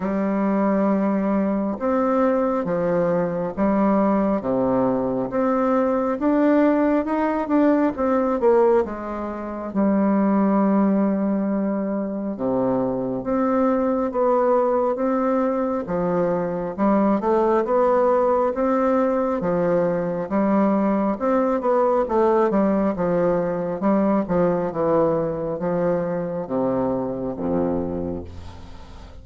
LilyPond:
\new Staff \with { instrumentName = "bassoon" } { \time 4/4 \tempo 4 = 68 g2 c'4 f4 | g4 c4 c'4 d'4 | dis'8 d'8 c'8 ais8 gis4 g4~ | g2 c4 c'4 |
b4 c'4 f4 g8 a8 | b4 c'4 f4 g4 | c'8 b8 a8 g8 f4 g8 f8 | e4 f4 c4 f,4 | }